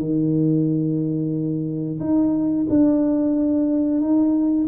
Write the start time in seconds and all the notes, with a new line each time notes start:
0.00 D#3
2.00 D#4
2.70 D4
4.01 D#4